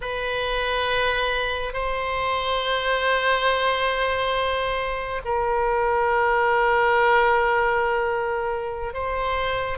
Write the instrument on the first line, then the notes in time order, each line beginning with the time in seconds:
oboe
0.01 B4
1.73 C5
5.25 A#4
8.93 C5